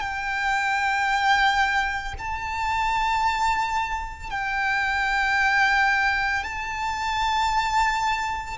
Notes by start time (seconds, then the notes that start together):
0.00 G5
2.19 A5
4.31 G5
6.43 A5